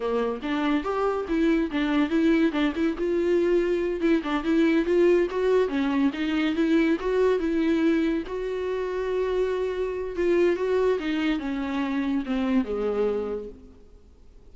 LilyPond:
\new Staff \with { instrumentName = "viola" } { \time 4/4 \tempo 4 = 142 ais4 d'4 g'4 e'4 | d'4 e'4 d'8 e'8 f'4~ | f'4. e'8 d'8 e'4 f'8~ | f'8 fis'4 cis'4 dis'4 e'8~ |
e'8 fis'4 e'2 fis'8~ | fis'1 | f'4 fis'4 dis'4 cis'4~ | cis'4 c'4 gis2 | }